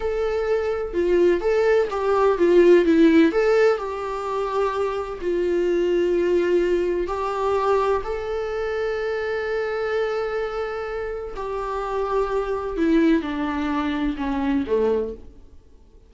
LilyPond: \new Staff \with { instrumentName = "viola" } { \time 4/4 \tempo 4 = 127 a'2 f'4 a'4 | g'4 f'4 e'4 a'4 | g'2. f'4~ | f'2. g'4~ |
g'4 a'2.~ | a'1 | g'2. e'4 | d'2 cis'4 a4 | }